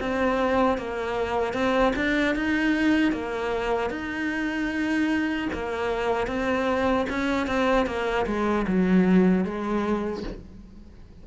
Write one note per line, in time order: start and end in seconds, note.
0.00 0.78 C4
0.78 1.54 A#3
1.54 1.93 C4
1.96 2.36 D4
2.36 3.13 D#4
3.13 3.90 A#3
3.90 5.48 D#4
5.53 6.28 A#3
6.28 7.07 C4
7.10 7.47 C#4
7.47 7.87 C4
7.87 8.26 A#3
8.27 8.66 G#3
8.68 9.45 F#3
9.45 10.24 G#3